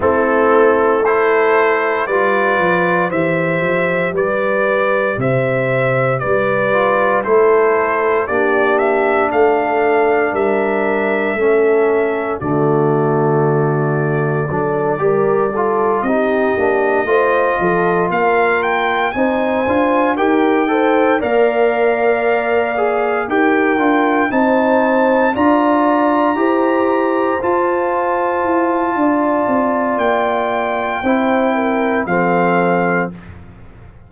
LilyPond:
<<
  \new Staff \with { instrumentName = "trumpet" } { \time 4/4 \tempo 4 = 58 a'4 c''4 d''4 e''4 | d''4 e''4 d''4 c''4 | d''8 e''8 f''4 e''2 | d''2.~ d''8 dis''8~ |
dis''4. f''8 g''8 gis''4 g''8~ | g''8 f''2 g''4 a''8~ | a''8 ais''2 a''4.~ | a''4 g''2 f''4 | }
  \new Staff \with { instrumentName = "horn" } { \time 4/4 e'4 a'4 b'4 c''4 | b'4 c''4 b'4 a'4 | g'4 a'4 ais'4 a'4 | fis'2 a'8 ais'8 a'8 g'8~ |
g'8 c''8 a'8 ais'4 c''4 ais'8 | c''8 d''2 ais'4 c''8~ | c''8 d''4 c''2~ c''8 | d''2 c''8 ais'8 a'4 | }
  \new Staff \with { instrumentName = "trombone" } { \time 4/4 c'4 e'4 f'4 g'4~ | g'2~ g'8 f'8 e'4 | d'2. cis'4 | a2 d'8 g'8 f'8 dis'8 |
d'8 f'2 dis'8 f'8 g'8 | a'8 ais'4. gis'8 g'8 f'8 dis'8~ | dis'8 f'4 g'4 f'4.~ | f'2 e'4 c'4 | }
  \new Staff \with { instrumentName = "tuba" } { \time 4/4 a2 g8 f8 e8 f8 | g4 c4 g4 a4 | ais4 a4 g4 a4 | d2 fis8 g4 c'8 |
ais8 a8 f8 ais4 c'8 d'8 dis'8~ | dis'8 ais2 dis'8 d'8 c'8~ | c'8 d'4 e'4 f'4 e'8 | d'8 c'8 ais4 c'4 f4 | }
>>